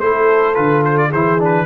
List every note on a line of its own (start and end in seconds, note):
0.00 0.57 A3
0.00 0.55 E4
0.00 1.09 A4
0.00 0.55 C5
0.55 1.13 D3
0.55 1.11 F4
0.55 0.83 B4
0.84 0.98 C5
0.98 1.12 D5
1.09 1.66 E3
1.09 1.39 E4
1.09 1.64 G#4
1.09 1.40 C5
1.39 1.66 D4
1.39 1.66 B4